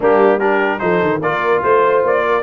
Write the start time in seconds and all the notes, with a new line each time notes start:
0.00 G3 A#3 D4 G4
0.39 D4 G4 A#4
0.79 F3 D#4 A4 C5
1.02 D#3
1.20 A#3 F4 A#4 D5
1.62 A3 C5
2.03 A#3 D5
2.26 A#4